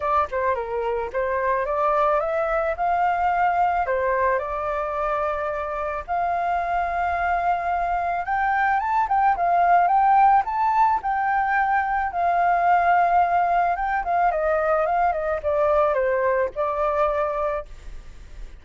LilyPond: \new Staff \with { instrumentName = "flute" } { \time 4/4 \tempo 4 = 109 d''8 c''8 ais'4 c''4 d''4 | e''4 f''2 c''4 | d''2. f''4~ | f''2. g''4 |
a''8 g''8 f''4 g''4 a''4 | g''2 f''2~ | f''4 g''8 f''8 dis''4 f''8 dis''8 | d''4 c''4 d''2 | }